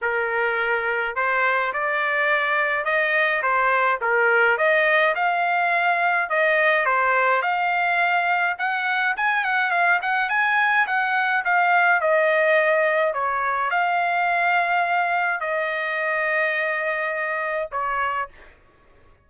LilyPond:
\new Staff \with { instrumentName = "trumpet" } { \time 4/4 \tempo 4 = 105 ais'2 c''4 d''4~ | d''4 dis''4 c''4 ais'4 | dis''4 f''2 dis''4 | c''4 f''2 fis''4 |
gis''8 fis''8 f''8 fis''8 gis''4 fis''4 | f''4 dis''2 cis''4 | f''2. dis''4~ | dis''2. cis''4 | }